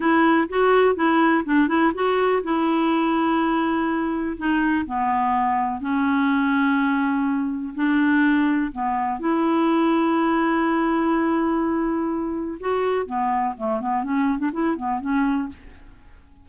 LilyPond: \new Staff \with { instrumentName = "clarinet" } { \time 4/4 \tempo 4 = 124 e'4 fis'4 e'4 d'8 e'8 | fis'4 e'2.~ | e'4 dis'4 b2 | cis'1 |
d'2 b4 e'4~ | e'1~ | e'2 fis'4 b4 | a8 b8 cis'8. d'16 e'8 b8 cis'4 | }